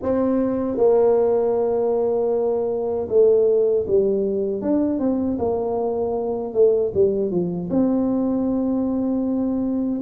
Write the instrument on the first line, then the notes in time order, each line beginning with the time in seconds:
tuba
0.02 C4
0.77 A#3
3.08 A3
3.87 G3
4.62 D4
4.99 C4
5.38 A#3
6.53 A3
6.94 G3
7.30 F3
7.70 C4